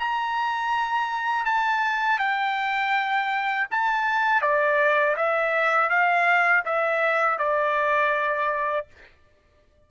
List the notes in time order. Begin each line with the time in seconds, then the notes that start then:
0.00 A#5
1.46 A5
2.19 G5
3.71 A5
4.42 D5
5.17 E5
5.90 F5
6.66 E5
7.39 D5